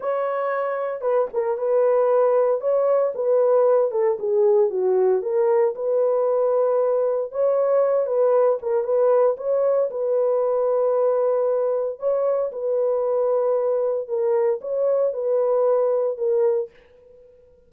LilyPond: \new Staff \with { instrumentName = "horn" } { \time 4/4 \tempo 4 = 115 cis''2 b'8 ais'8 b'4~ | b'4 cis''4 b'4. a'8 | gis'4 fis'4 ais'4 b'4~ | b'2 cis''4. b'8~ |
b'8 ais'8 b'4 cis''4 b'4~ | b'2. cis''4 | b'2. ais'4 | cis''4 b'2 ais'4 | }